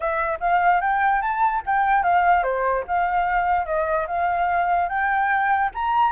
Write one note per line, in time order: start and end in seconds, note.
0.00 0.38 E5
0.40 0.80 F5
0.80 1.21 G5
1.21 1.62 A5
1.65 2.03 G5
2.03 2.43 F5
2.43 2.83 C5
2.87 3.65 F5
3.65 4.06 D#5
4.07 4.88 F5
4.88 5.70 G5
5.74 6.12 A#5